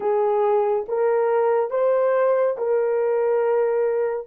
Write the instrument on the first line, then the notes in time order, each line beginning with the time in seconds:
horn
0.00 G#4
0.88 A#4
1.70 C5
2.57 A#4